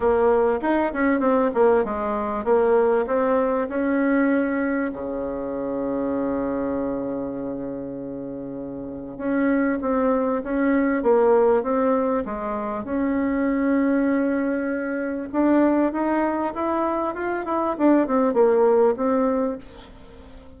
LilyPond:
\new Staff \with { instrumentName = "bassoon" } { \time 4/4 \tempo 4 = 98 ais4 dis'8 cis'8 c'8 ais8 gis4 | ais4 c'4 cis'2 | cis1~ | cis2. cis'4 |
c'4 cis'4 ais4 c'4 | gis4 cis'2.~ | cis'4 d'4 dis'4 e'4 | f'8 e'8 d'8 c'8 ais4 c'4 | }